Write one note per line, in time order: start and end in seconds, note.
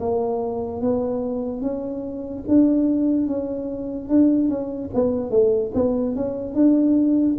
0.00 0.81 A#3
0.81 1.62 B3
1.62 2.44 C#4
2.48 3.28 D4
3.28 4.09 C#4
4.09 4.49 D4
4.49 4.90 C#4
4.94 5.31 B3
5.31 5.72 A3
5.75 6.16 B3
6.16 6.55 C#4
6.55 7.37 D4